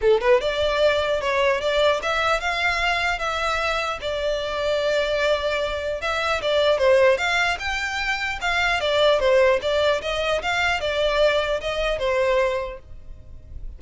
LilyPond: \new Staff \with { instrumentName = "violin" } { \time 4/4 \tempo 4 = 150 a'8 b'8 d''2 cis''4 | d''4 e''4 f''2 | e''2 d''2~ | d''2. e''4 |
d''4 c''4 f''4 g''4~ | g''4 f''4 d''4 c''4 | d''4 dis''4 f''4 d''4~ | d''4 dis''4 c''2 | }